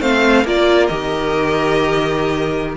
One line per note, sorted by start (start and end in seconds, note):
0.00 0.45 A3
0.00 0.44 C4
0.00 0.44 C5
0.00 0.46 F5
0.44 0.89 A#3
0.44 0.90 F4
0.44 2.76 A#4
0.44 0.87 D5
0.87 2.77 D#3
0.87 2.77 G4
0.87 2.75 D#5